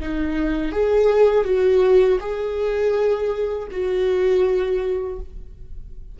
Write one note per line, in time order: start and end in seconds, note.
0.00 0.72 D#4
0.72 1.44 G#4
1.44 2.18 F#4
2.20 3.68 G#4
3.71 5.19 F#4